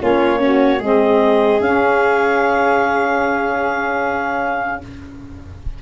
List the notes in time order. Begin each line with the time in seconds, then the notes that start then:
0.00 A#3 C#4 F4 C#5
0.40 C#4 F#4
0.79 G#3 C4 G#4 D#5
1.60 C#4 F5